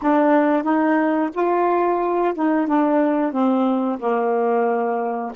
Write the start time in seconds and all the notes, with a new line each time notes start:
0.02 D4
0.63 D#4
1.34 F4
2.34 D#4
2.67 D4
3.32 C4
3.98 A#3